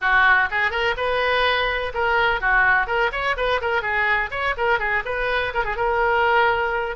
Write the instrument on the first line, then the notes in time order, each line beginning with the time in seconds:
oboe
0.01 F#4
0.50 G#4
0.70 A#4
0.96 B4
1.94 A#4
2.40 F#4
2.87 A#4
3.12 C#5
3.36 B4
3.61 A#4
3.82 G#4
4.30 C#5
4.57 A#4
4.79 G#4
5.05 B4
5.54 A#4
5.64 G#4
5.76 A#4